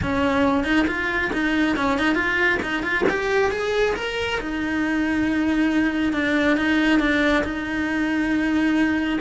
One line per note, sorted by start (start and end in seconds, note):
0.02 0.64 C#4
0.64 0.86 D#4
0.87 1.31 F4
1.33 1.76 D#4
1.76 1.98 C#4
1.98 2.14 D#4
2.14 2.58 F4
2.62 2.82 D#4
2.82 3.04 F4
3.09 3.51 G4
3.51 3.95 G#4
3.95 4.39 A#4
4.40 6.13 D#4
6.13 6.56 D4
6.57 6.99 D#4
6.99 7.43 D4
7.44 9.19 D#4